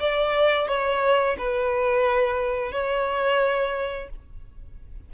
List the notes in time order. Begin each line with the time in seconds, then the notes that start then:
0.00 D5
0.67 C#5
1.38 B4
2.71 C#5